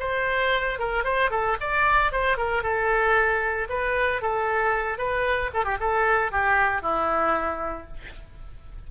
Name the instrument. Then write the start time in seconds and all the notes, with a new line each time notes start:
oboe
0.00 C5
0.79 A#4
1.04 C5
1.31 A4
1.61 D5
2.12 C5
2.37 A#4
2.63 A4
3.69 B4
4.22 A4
4.98 B4
5.54 A4
5.65 G4
5.80 A4
6.32 G4
6.82 E4